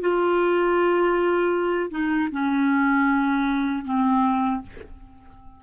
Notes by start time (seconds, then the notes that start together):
0.00 F4
1.90 D#4
2.31 C#4
3.85 C4